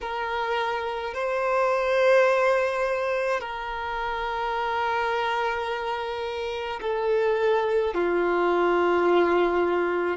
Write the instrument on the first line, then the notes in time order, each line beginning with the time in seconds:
violin
0.01 A#4
1.14 C5
3.40 A#4
6.81 A4
7.94 F4